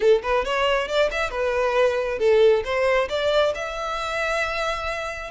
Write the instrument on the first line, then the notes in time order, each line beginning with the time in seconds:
violin
0.00 A4
0.22 B4
0.44 C#5
0.87 D5
1.11 E5
1.30 B4
2.19 A4
2.64 C5
3.09 D5
3.54 E5